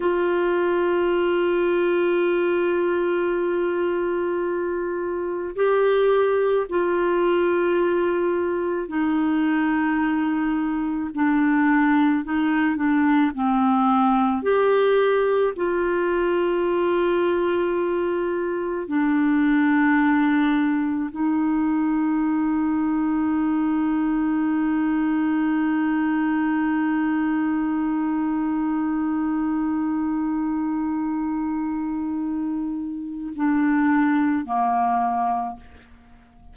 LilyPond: \new Staff \with { instrumentName = "clarinet" } { \time 4/4 \tempo 4 = 54 f'1~ | f'4 g'4 f'2 | dis'2 d'4 dis'8 d'8 | c'4 g'4 f'2~ |
f'4 d'2 dis'4~ | dis'1~ | dis'1~ | dis'2 d'4 ais4 | }